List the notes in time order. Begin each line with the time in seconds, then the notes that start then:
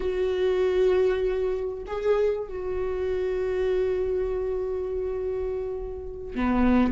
0.00 F#4
1.86 G#4
2.48 F#4
6.35 B3